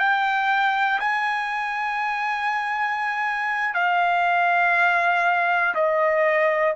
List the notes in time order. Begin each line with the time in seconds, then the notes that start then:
0.00 G5
1.00 G#5
3.75 F5
5.75 D#5